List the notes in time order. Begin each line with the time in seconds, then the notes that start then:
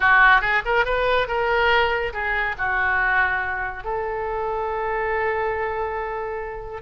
0.00 F#4
0.41 G#4
0.65 A#4
0.85 B4
1.27 A#4
2.13 G#4
2.57 F#4
3.84 A4